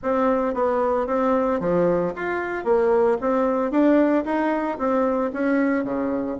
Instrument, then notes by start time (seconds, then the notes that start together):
bassoon
0.03 C4
0.53 B3
1.06 C4
1.60 F3
2.15 F4
2.64 A#3
3.21 C4
3.71 D4
4.24 D#4
4.78 C4
5.33 C#4
5.83 C#3